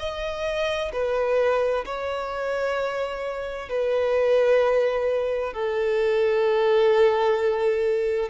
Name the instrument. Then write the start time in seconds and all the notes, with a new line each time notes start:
violin
0.00 D#5
0.93 B4
1.86 C#5
3.70 B4
5.54 A4